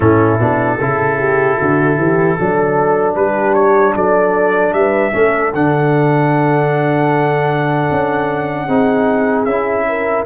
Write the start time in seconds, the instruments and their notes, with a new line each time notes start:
0.00 tuba A2, trombone C#4, horn E4, trumpet A4
0.39 tuba B2, trombone D4
0.78 tuba C#3, trombone E4, horn A4
1.18 horn G4
1.57 tuba D3, horn F#4
1.97 tuba E3, horn G4
2.36 tuba F#3, trombone D4, horn A4
3.15 tuba G3, horn G4, trumpet B4
3.54 trumpet C#5
3.94 tuba F#3, horn A4, trumpet D5
4.73 tuba G3, horn B4, trumpet E5
5.12 tuba A3, trombone C#4, horn A4
5.53 tuba D3, trombone D4, trumpet F#5
7.91 tuba C#4
8.66 tuba C4, trombone D#4, horn G#4
9.45 tuba C#4, trombone E4, trumpet E5
9.88 horn A#4